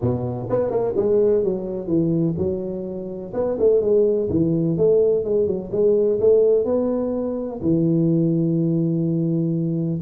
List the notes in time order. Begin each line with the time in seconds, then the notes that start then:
0.01 B2
0.49 B3
0.70 A#3
0.96 G#3
1.43 F#3
1.87 E3
2.37 F#3
3.33 B3
3.59 A3
3.81 G#3
4.29 E3
4.77 A3
5.24 G#3
5.46 F#3
5.71 G#3
6.20 A3
6.65 B3
7.61 E3